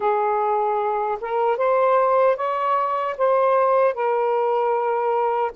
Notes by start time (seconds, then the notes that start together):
0.00 G#4
1.20 A#4
1.57 C5
2.36 C#5
3.17 C5
3.93 A#4